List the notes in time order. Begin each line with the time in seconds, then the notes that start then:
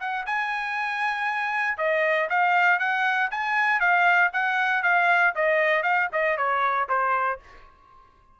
0.00 F#5
0.26 G#5
1.78 D#5
2.30 F5
2.79 F#5
3.31 G#5
3.80 F5
4.32 F#5
4.83 F5
5.35 D#5
5.83 F5
6.12 D#5
6.37 C#5
6.89 C5